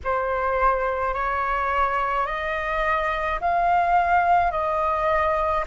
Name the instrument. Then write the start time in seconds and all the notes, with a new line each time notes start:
flute
0.04 C5
1.13 C#5
2.26 D#5
3.40 F5
4.51 D#5